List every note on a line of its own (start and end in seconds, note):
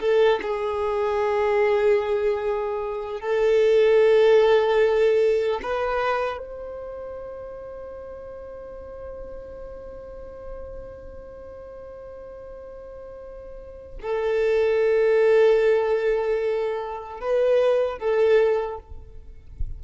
0.00 0.40 A4
0.42 3.20 G#4
3.20 5.60 A4
5.62 6.38 B4
6.38 13.98 C5
14.01 17.20 A4
17.20 17.98 B4
17.98 18.78 A4